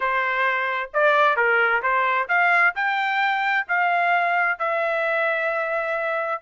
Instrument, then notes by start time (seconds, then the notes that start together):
trumpet
0.00 C5
0.93 D5
1.36 A#4
1.82 C5
2.28 F5
2.75 G5
3.68 F5
4.58 E5